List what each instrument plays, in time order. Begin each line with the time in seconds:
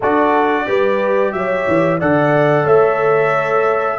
0.00 tuba D4, trombone F#4, horn A4, trumpet D5
0.66 tuba G3, trombone G4, horn B4
1.32 tuba F#3, horn C#5, trumpet E5
1.67 tuba E3
1.99 tuba D3, trombone A4, horn D5, trumpet F#5
2.64 tuba A3, horn C#5, trumpet E5